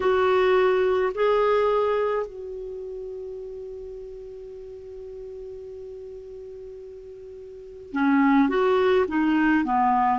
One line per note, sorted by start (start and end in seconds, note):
0.00 1.13 F#4
1.14 2.26 G#4
2.26 7.92 F#4
7.92 8.49 C#4
8.49 9.05 F#4
9.08 9.64 D#4
9.64 10.19 B3